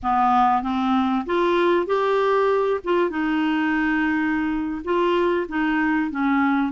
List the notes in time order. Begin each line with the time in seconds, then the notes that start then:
0.03 B3
0.62 C4
1.26 F4
1.86 G4
2.84 F4
3.10 D#4
4.84 F4
5.48 D#4
6.10 C#4